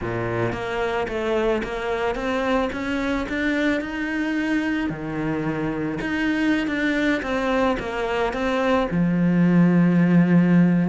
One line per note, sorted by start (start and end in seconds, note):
0.01 0.52 A#2
0.52 1.07 A#3
1.08 1.62 A3
1.63 2.15 A#3
2.15 2.69 C4
2.72 3.26 C#4
3.29 3.81 D4
3.81 4.89 D#4
4.89 5.99 D#3
6.00 6.67 D#4
6.67 7.21 D4
7.22 7.77 C4
7.79 8.33 A#3
8.33 8.87 C4
8.90 10.89 F3